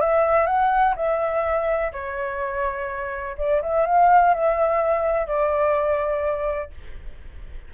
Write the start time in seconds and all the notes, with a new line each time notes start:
0.00 E5
0.46 F#5
0.96 E5
1.92 C#5
3.37 D5
3.62 E5
3.86 F5
4.34 E5
5.26 D5